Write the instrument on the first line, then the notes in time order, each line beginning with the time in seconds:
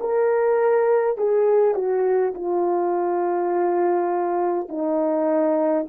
horn
0.00 A#4
1.17 G#4
1.74 F#4
2.35 F4
4.68 D#4